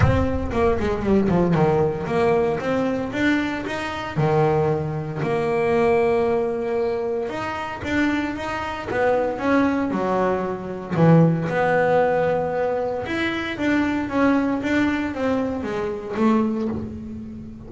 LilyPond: \new Staff \with { instrumentName = "double bass" } { \time 4/4 \tempo 4 = 115 c'4 ais8 gis8 g8 f8 dis4 | ais4 c'4 d'4 dis'4 | dis2 ais2~ | ais2 dis'4 d'4 |
dis'4 b4 cis'4 fis4~ | fis4 e4 b2~ | b4 e'4 d'4 cis'4 | d'4 c'4 gis4 a4 | }